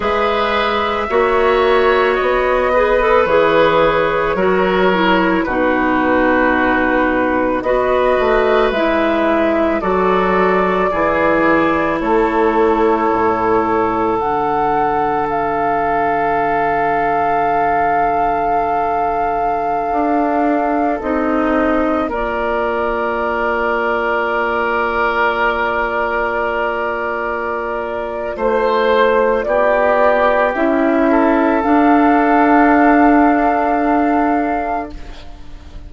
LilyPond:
<<
  \new Staff \with { instrumentName = "flute" } { \time 4/4 \tempo 4 = 55 e''2 dis''4 cis''4~ | cis''4 b'2 dis''4 | e''4 d''2 cis''4~ | cis''4 fis''4 f''2~ |
f''2.~ f''16 dis''8.~ | dis''16 d''2.~ d''8.~ | d''2 c''4 d''4 | e''4 f''2. | }
  \new Staff \with { instrumentName = "oboe" } { \time 4/4 b'4 cis''4. b'4. | ais'4 fis'2 b'4~ | b'4 a'4 gis'4 a'4~ | a'1~ |
a'1~ | a'16 ais'2.~ ais'8.~ | ais'2 c''4 g'4~ | g'8 a'2.~ a'8 | }
  \new Staff \with { instrumentName = "clarinet" } { \time 4/4 gis'4 fis'4. gis'16 a'16 gis'4 | fis'8 e'8 dis'2 fis'4 | e'4 fis'4 e'2~ | e'4 d'2.~ |
d'2.~ d'16 dis'8.~ | dis'16 f'2.~ f'8.~ | f'1 | e'4 d'2. | }
  \new Staff \with { instrumentName = "bassoon" } { \time 4/4 gis4 ais4 b4 e4 | fis4 b,2 b8 a8 | gis4 fis4 e4 a4 | a,4 d2.~ |
d2~ d16 d'4 c'8.~ | c'16 ais2.~ ais8.~ | ais2 a4 b4 | cis'4 d'2. | }
>>